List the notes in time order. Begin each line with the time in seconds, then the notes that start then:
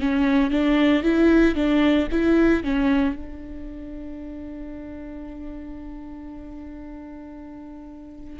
0.00 C#4
0.51 D4
1.03 E4
1.55 D4
2.12 E4
2.64 C#4
3.16 D4